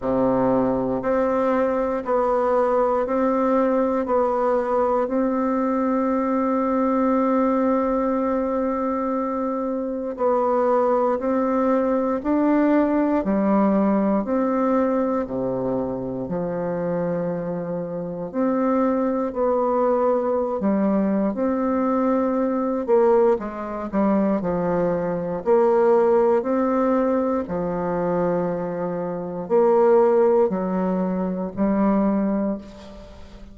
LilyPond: \new Staff \with { instrumentName = "bassoon" } { \time 4/4 \tempo 4 = 59 c4 c'4 b4 c'4 | b4 c'2.~ | c'2 b4 c'4 | d'4 g4 c'4 c4 |
f2 c'4 b4~ | b16 g8. c'4. ais8 gis8 g8 | f4 ais4 c'4 f4~ | f4 ais4 fis4 g4 | }